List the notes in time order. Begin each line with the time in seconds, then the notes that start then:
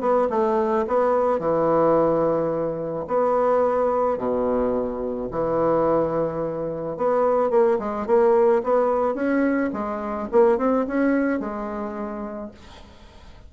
0.00 B3
0.29 A3
0.87 B3
1.39 E3
3.07 B3
4.17 B2
5.31 E3
6.97 B3
7.50 A#3
7.79 G#3
8.06 A#3
8.63 B3
9.14 C#4
9.72 G#3
10.32 A#3
10.58 C4
10.87 C#4
11.40 G#3